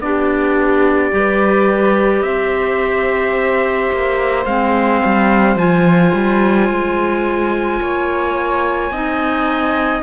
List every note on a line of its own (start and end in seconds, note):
0.00 1.11 B3
0.00 1.11 D4
0.00 1.16 G4
0.00 2.22 D5
1.11 2.23 G3
1.11 4.44 G4
1.11 2.25 B4
2.22 3.90 C4
2.22 7.81 C5
2.22 4.45 E5
3.92 4.46 A#3
4.45 5.01 G#3
4.45 5.58 C4
4.45 5.56 F5
5.05 5.56 G3
5.56 6.11 F3
5.56 8.91 F4
5.56 10.02 G#5
6.13 6.69 G3
6.69 7.80 G#3
7.81 8.91 A#3
7.81 8.92 C#5
8.91 10.02 C4
8.91 10.03 D#4
8.91 10.03 D#5